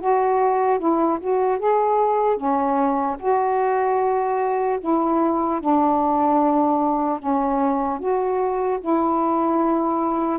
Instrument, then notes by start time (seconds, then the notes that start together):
saxophone
0.00 F#4
0.78 E4
1.20 F#4
1.59 G#4
2.36 C#4
3.19 F#4
4.80 E4
5.60 D4
7.19 C#4
7.99 F#4
8.80 E4